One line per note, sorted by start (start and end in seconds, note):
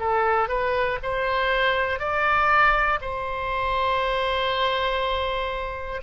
0.00 0.49 A4
0.49 0.99 B4
1.03 2.00 C5
2.00 3.00 D5
3.02 6.02 C5